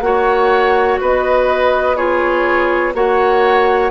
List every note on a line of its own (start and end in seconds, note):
0.00 0.97 A#3
0.00 1.96 F#4
0.00 1.01 C#5
0.00 0.97 F#5
1.01 2.94 B3
1.01 1.96 B4
1.01 1.97 D#5
1.96 2.93 F4
1.96 2.93 G#4
1.96 2.93 C#5
2.94 3.91 A#3
2.94 3.91 F#4
2.94 3.91 C#5
2.94 3.91 F#5